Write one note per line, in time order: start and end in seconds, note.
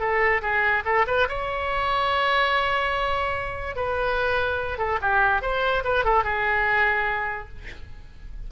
0.00 0.42 A4
0.42 0.84 G#4
0.85 1.06 A4
1.07 1.28 B4
1.29 3.76 C#5
3.76 4.78 B4
4.78 4.99 A4
5.02 5.42 G4
5.42 5.84 C5
5.84 6.05 B4
6.05 6.24 A4
6.24 7.49 G#4